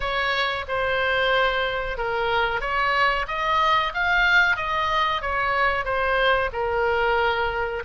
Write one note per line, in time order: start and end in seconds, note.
0.00 0.65 C#5
0.68 1.97 C5
1.97 2.61 A#4
2.61 3.26 C#5
3.27 3.92 D#5
3.94 4.56 F5
4.56 5.21 D#5
5.21 5.85 C#5
5.85 6.50 C5
6.52 7.83 A#4